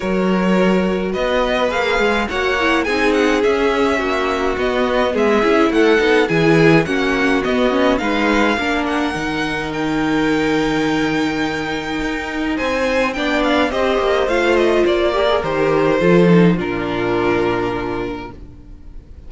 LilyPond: <<
  \new Staff \with { instrumentName = "violin" } { \time 4/4 \tempo 4 = 105 cis''2 dis''4 f''4 | fis''4 gis''8 fis''8 e''2 | dis''4 e''4 fis''4 gis''4 | fis''4 dis''4 f''4. fis''8~ |
fis''4 g''2.~ | g''2 gis''4 g''8 f''8 | dis''4 f''8 dis''8 d''4 c''4~ | c''4 ais'2. | }
  \new Staff \with { instrumentName = "violin" } { \time 4/4 ais'2 b'2 | cis''4 gis'2 fis'4~ | fis'4 gis'4 a'4 gis'4 | fis'2 b'4 ais'4~ |
ais'1~ | ais'2 c''4 d''4 | c''2~ c''8 ais'4. | a'4 f'2. | }
  \new Staff \with { instrumentName = "viola" } { \time 4/4 fis'2. gis'4 | fis'8 e'8 dis'4 cis'2 | b4. e'4 dis'8 e'4 | cis'4 b8 cis'8 dis'4 d'4 |
dis'1~ | dis'2. d'4 | g'4 f'4. g'16 gis'16 g'4 | f'8 dis'8 d'2. | }
  \new Staff \with { instrumentName = "cello" } { \time 4/4 fis2 b4 ais8 gis8 | ais4 c'4 cis'4 ais4 | b4 gis8 cis'8 a8 b8 e4 | ais4 b4 gis4 ais4 |
dis1~ | dis4 dis'4 c'4 b4 | c'8 ais8 a4 ais4 dis4 | f4 ais,2. | }
>>